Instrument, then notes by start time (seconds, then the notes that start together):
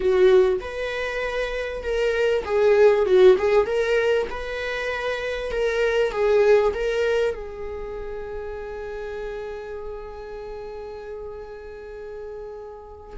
viola
0.00 F#4
0.60 B4
1.82 A#4
2.44 G#4
3.06 F#4
3.38 G#4
3.65 A#4
4.30 B4
5.51 A#4
6.11 G#4
6.73 A#4
7.34 G#4